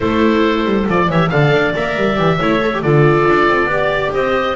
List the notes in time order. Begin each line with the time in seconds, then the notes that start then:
0.00 A3 E4 A4 C5
0.64 G3
0.88 F3 F4 D5
1.08 E3 G4 C#5 E5
1.29 D3 A4 D5 F5
1.51 D4
1.74 A#3 A#4 E5
1.95 G3
2.15 E3 G4
2.38 A3 E4 C#5
2.60 A4
2.73 G4
2.82 D3 F4 A4 D5
3.28 D4
3.48 C4
3.65 B3 G4
3.72 D5
4.13 C4 C5 D#5